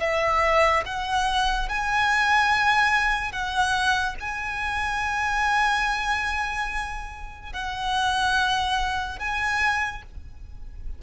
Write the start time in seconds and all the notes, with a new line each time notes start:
0.00 E5
0.85 F#5
1.69 G#5
3.32 F#5
4.20 G#5
7.52 F#5
9.19 G#5